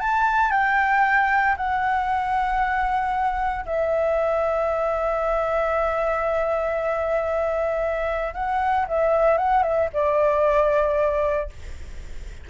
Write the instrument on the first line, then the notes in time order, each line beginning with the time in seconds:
flute
0.00 A5
0.51 G5
1.57 F#5
3.65 E5
8.34 F#5
8.88 E5
9.37 F#5
9.63 E5
9.93 D5